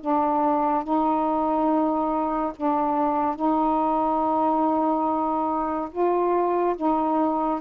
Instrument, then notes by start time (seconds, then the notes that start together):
saxophone
0.00 D4
0.83 D#4
2.56 D4
3.35 D#4
5.91 F4
6.76 D#4